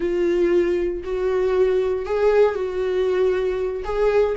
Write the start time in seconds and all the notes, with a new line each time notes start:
0.00 F4
1.03 F#4
2.05 G#4
2.55 F#4
3.84 G#4